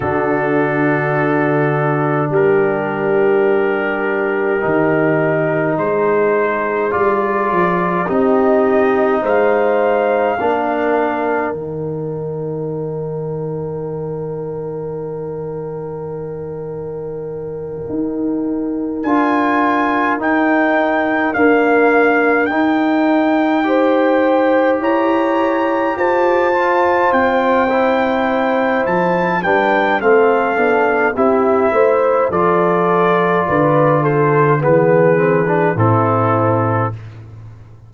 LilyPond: <<
  \new Staff \with { instrumentName = "trumpet" } { \time 4/4 \tempo 4 = 52 a'2 ais'2~ | ais'4 c''4 d''4 dis''4 | f''2 g''2~ | g''1~ |
g''8 gis''4 g''4 f''4 g''8~ | g''4. ais''4 a''4 g''8~ | g''4 a''8 g''8 f''4 e''4 | d''4. c''8 b'4 a'4 | }
  \new Staff \with { instrumentName = "horn" } { \time 4/4 fis'2 g'2~ | g'4 gis'2 g'4 | c''4 ais'2.~ | ais'1~ |
ais'1~ | ais'8 c''4 cis''4 c''4.~ | c''4. b'8 a'4 g'8 c''8 | a'4 b'8 a'8 gis'4 e'4 | }
  \new Staff \with { instrumentName = "trombone" } { \time 4/4 d'1 | dis'2 f'4 dis'4~ | dis'4 d'4 dis'2~ | dis'1~ |
dis'8 f'4 dis'4 ais4 dis'8~ | dis'8 g'2~ g'8 f'4 | e'4. d'8 c'8 d'8 e'4 | f'2 b8 c'16 d'16 c'4 | }
  \new Staff \with { instrumentName = "tuba" } { \time 4/4 d2 g2 | dis4 gis4 g8 f8 c'4 | gis4 ais4 dis2~ | dis2.~ dis8 dis'8~ |
dis'8 d'4 dis'4 d'4 dis'8~ | dis'4. e'4 f'4 c'8~ | c'4 f8 g8 a8 b8 c'8 a8 | f4 d4 e4 a,4 | }
>>